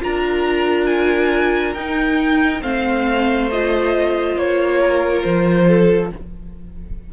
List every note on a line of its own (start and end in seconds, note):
0.00 1.75 D4
0.00 1.74 F4
0.00 2.61 A#4
0.00 0.86 A#5
0.86 1.73 G#5
1.74 2.62 D#4
1.74 2.61 G5
2.61 4.36 A3
2.61 3.49 C4
2.61 4.79 C5
2.61 3.49 F5
3.51 6.12 F4
3.51 4.38 D#5
4.36 5.23 A#3
4.36 5.22 C#5
4.80 5.67 A#4
5.22 6.12 F3
5.22 6.09 C5
5.67 6.10 A4